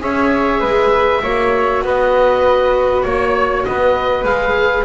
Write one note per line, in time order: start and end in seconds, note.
0.00 0.62 C#4
0.00 1.21 G#4
0.00 0.60 C#5
0.00 1.84 E5
0.60 1.23 G#3
0.60 1.21 B4
1.23 1.83 A#3
1.23 4.24 F#4
1.23 1.84 C#5
1.83 3.04 B3
1.83 3.06 B4
1.83 3.02 D#5
3.02 3.66 A#3
3.02 3.63 C#5
3.02 3.67 C#5
3.65 4.24 B3
3.65 4.85 B4
3.65 4.25 D#5
4.24 4.84 G#3
4.24 4.85 G#4
4.24 4.85 F5